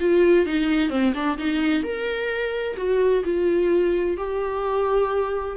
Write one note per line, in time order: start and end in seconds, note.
0.00 0.46 F4
0.46 0.90 D#4
0.90 1.13 C4
1.14 1.38 D4
1.38 1.83 D#4
1.83 2.76 A#4
2.77 3.23 F#4
3.25 4.17 F4
4.17 5.57 G4